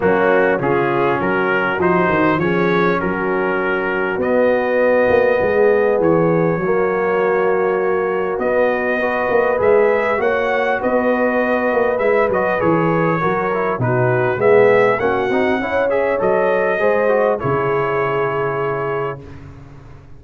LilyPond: <<
  \new Staff \with { instrumentName = "trumpet" } { \time 4/4 \tempo 4 = 100 fis'4 gis'4 ais'4 c''4 | cis''4 ais'2 dis''4~ | dis''2 cis''2~ | cis''2 dis''2 |
e''4 fis''4 dis''2 | e''8 dis''8 cis''2 b'4 | e''4 fis''4. e''8 dis''4~ | dis''4 cis''2. | }
  \new Staff \with { instrumentName = "horn" } { \time 4/4 cis'4 f'4 fis'2 | gis'4 fis'2.~ | fis'4 gis'2 fis'4~ | fis'2. b'4~ |
b'4 cis''4 b'2~ | b'2 ais'4 fis'4 | gis'4 fis'4 cis''2 | c''4 gis'2. | }
  \new Staff \with { instrumentName = "trombone" } { \time 4/4 ais4 cis'2 dis'4 | cis'2. b4~ | b2. ais4~ | ais2 b4 fis'4 |
gis'4 fis'2. | e'8 fis'8 gis'4 fis'8 e'8 dis'4 | b4 cis'8 dis'8 e'8 gis'8 a'4 | gis'8 fis'8 e'2. | }
  \new Staff \with { instrumentName = "tuba" } { \time 4/4 fis4 cis4 fis4 f8 dis8 | f4 fis2 b4~ | b8 ais8 gis4 e4 fis4~ | fis2 b4. ais8 |
gis4 ais4 b4. ais8 | gis8 fis8 e4 fis4 b,4 | gis4 ais8 c'8 cis'4 fis4 | gis4 cis2. | }
>>